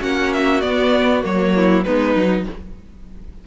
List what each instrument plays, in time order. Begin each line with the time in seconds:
0.00 cello A#3, viola C#4, violin F#4 F#5
0.33 violin E5
0.61 viola B3, cello B3, violin D5
1.22 cello F#3, viola A#3, violin C#5
1.56 violin E4
1.84 cello G#3, viola B3, violin D#4 B4
2.15 cello F#3, viola D#4